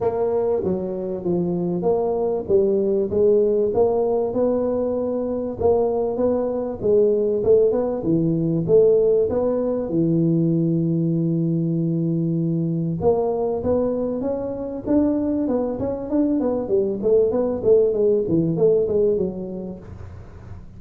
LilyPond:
\new Staff \with { instrumentName = "tuba" } { \time 4/4 \tempo 4 = 97 ais4 fis4 f4 ais4 | g4 gis4 ais4 b4~ | b4 ais4 b4 gis4 | a8 b8 e4 a4 b4 |
e1~ | e4 ais4 b4 cis'4 | d'4 b8 cis'8 d'8 b8 g8 a8 | b8 a8 gis8 e8 a8 gis8 fis4 | }